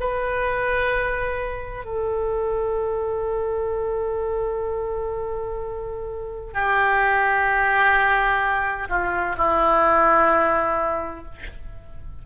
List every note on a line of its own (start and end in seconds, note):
0.00 1.85 B4
1.85 6.54 A4
6.54 8.88 G4
8.89 9.36 F4
9.37 11.25 E4